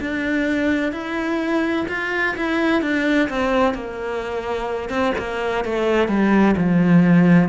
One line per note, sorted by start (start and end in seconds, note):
0.00 0.92 D4
0.92 1.86 E4
1.88 2.35 F4
2.37 2.82 E4
2.82 3.29 D4
3.29 3.74 C4
3.74 4.89 A#3
4.89 5.13 C4
5.18 5.65 A#3
5.65 6.08 A3
6.08 6.55 G3
6.57 7.49 F3